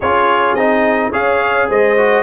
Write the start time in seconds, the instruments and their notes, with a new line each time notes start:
0.00 tuba C#4, trombone F4, horn G#4, trumpet C#5
0.54 tuba C4, trombone D#4, trumpet D#5
1.10 tuba C#4, trombone G#4, horn C#5, trumpet F5
1.69 tuba G#3, horn C5, trumpet D#5
1.97 trombone F#4